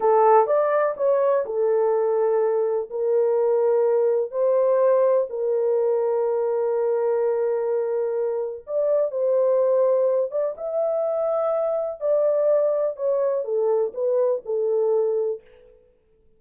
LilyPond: \new Staff \with { instrumentName = "horn" } { \time 4/4 \tempo 4 = 125 a'4 d''4 cis''4 a'4~ | a'2 ais'2~ | ais'4 c''2 ais'4~ | ais'1~ |
ais'2 d''4 c''4~ | c''4. d''8 e''2~ | e''4 d''2 cis''4 | a'4 b'4 a'2 | }